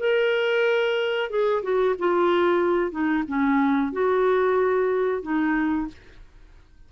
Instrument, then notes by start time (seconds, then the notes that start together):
clarinet
0.00 A#4
1.30 G#4
1.63 F#4
1.99 F4
2.91 D#4
3.28 C#4
3.93 F#4
5.23 D#4